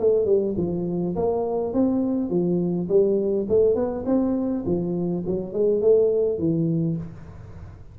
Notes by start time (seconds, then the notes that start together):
0.00 A3
0.26 G3
0.57 F3
1.16 A#3
1.73 C4
2.30 F3
2.89 G3
3.49 A3
3.75 B3
4.06 C4
4.66 F3
5.27 F#3
5.53 G#3
5.82 A3
6.39 E3